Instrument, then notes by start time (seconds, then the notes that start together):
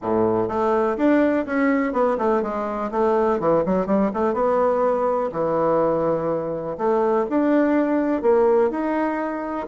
bassoon
0.02 A2
0.48 A3
0.97 D4
1.45 C#4
1.92 B3
2.18 A3
2.42 G#3
2.91 A3
3.39 E3
3.65 F#3
3.86 G3
4.13 A3
4.33 B3
5.32 E3
6.77 A3
7.29 D4
8.22 A#3
8.70 D#4